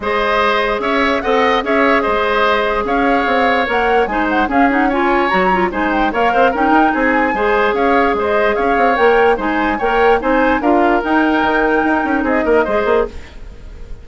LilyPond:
<<
  \new Staff \with { instrumentName = "flute" } { \time 4/4 \tempo 4 = 147 dis''2 e''4 fis''4 | e''4 dis''2 f''4~ | f''4 fis''4 gis''8 fis''8 f''8 fis''8 | gis''4 ais''4 gis''8 g''8 f''4 |
g''4 gis''2 f''4 | dis''4 f''4 g''4 gis''4 | g''4 gis''4 f''4 g''4~ | g''2 dis''2 | }
  \new Staff \with { instrumentName = "oboe" } { \time 4/4 c''2 cis''4 dis''4 | cis''4 c''2 cis''4~ | cis''2 c''4 gis'4 | cis''2 c''4 cis''8 c''8 |
ais'4 gis'4 c''4 cis''4 | c''4 cis''2 c''4 | cis''4 c''4 ais'2~ | ais'2 gis'8 ais'8 c''4 | }
  \new Staff \with { instrumentName = "clarinet" } { \time 4/4 gis'2. a'4 | gis'1~ | gis'4 ais'4 dis'4 cis'8 dis'8 | f'4 fis'8 f'8 dis'4 ais'4 |
dis'2 gis'2~ | gis'2 ais'4 dis'4 | ais'4 dis'4 f'4 dis'4~ | dis'2. gis'4 | }
  \new Staff \with { instrumentName = "bassoon" } { \time 4/4 gis2 cis'4 c'4 | cis'4 gis2 cis'4 | c'4 ais4 gis4 cis'4~ | cis'4 fis4 gis4 ais8 c'8 |
cis'8 dis'8 c'4 gis4 cis'4 | gis4 cis'8 c'8 ais4 gis4 | ais4 c'4 d'4 dis'4 | dis4 dis'8 cis'8 c'8 ais8 gis8 ais8 | }
>>